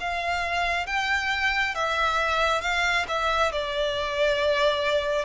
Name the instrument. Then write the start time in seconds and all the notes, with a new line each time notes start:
violin
0.00 F5
0.87 G5
1.75 E5
2.61 F5
3.08 E5
3.52 D5